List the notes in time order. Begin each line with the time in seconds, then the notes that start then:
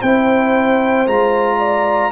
0.00 C4 E4 C5 G5
1.07 G#3 F4 A#5
1.58 D5